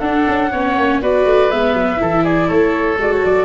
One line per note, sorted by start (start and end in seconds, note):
0.00 0.26 D4
0.00 0.52 D4
0.00 0.50 A4
0.00 0.99 F#5
0.28 0.53 C#4
0.52 0.77 B3
0.52 1.02 C#4
0.52 1.01 C#5
0.78 1.02 A#3
1.02 1.26 B3
1.02 1.51 F#4
1.02 2.01 B4
1.02 1.51 D5
1.26 1.51 A3
1.51 1.74 G#3
1.51 1.97 B3
1.51 2.25 E5
1.74 1.98 F#3
1.97 2.50 E3
1.97 2.96 E4
1.97 2.24 A4
2.24 2.48 G#4
2.24 2.49 D5
2.48 2.99 A3
2.48 3.46 A4
2.48 2.99 C#5
2.99 3.24 G#3
2.99 3.46 F#4
2.99 3.13 D5
3.13 3.25 C#5
3.25 3.46 F#3
3.25 3.46 D5